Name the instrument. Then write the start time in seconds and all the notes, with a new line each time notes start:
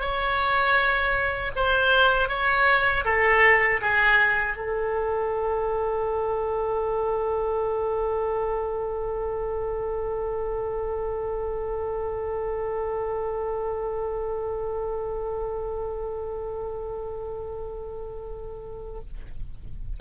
oboe
0.00 C#5
1.56 C5
2.29 C#5
3.04 A4
3.81 G#4
4.57 A4